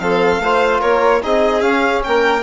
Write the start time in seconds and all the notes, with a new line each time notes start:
0.00 F3 C4 A4 F5
0.40 A3 F4 C5
0.81 A#3 A#4 C#5
1.22 C4 D#4 G#4 D#5
1.61 C#4 F5
2.04 A#3 A#4 G5